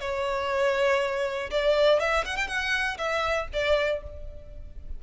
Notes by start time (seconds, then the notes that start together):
0.00 C#5
1.50 D5
1.99 E5
2.25 F#5
2.36 G5
2.47 F#5
2.97 E5
3.52 D5